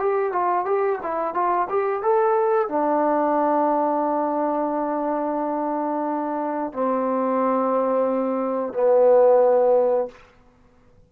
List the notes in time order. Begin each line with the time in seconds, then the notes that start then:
0.00 G4
0.32 F4
0.66 G4
1.03 E4
1.35 F4
1.70 G4
2.03 A4
2.69 D4
6.74 C4
8.74 B3